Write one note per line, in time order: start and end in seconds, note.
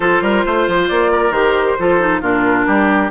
0.00 0.21 F3
0.00 1.33 F4
0.00 0.22 A4
0.00 0.88 C5
0.21 0.43 G3
0.21 0.44 A#4
0.45 0.67 A3
0.45 1.11 C5
0.67 0.89 F3
0.88 1.30 A#3
0.88 1.32 D5
1.11 1.78 A#4
1.30 1.74 D#3
1.30 1.77 G4
1.30 2.21 C5
1.78 2.21 F3
1.78 1.99 F4
1.78 2.21 A4
1.99 2.21 D#4
2.21 2.66 A#2
2.21 3.11 D4
2.21 2.65 F4
2.21 3.11 A#4
2.66 3.11 G3
2.66 3.11 G4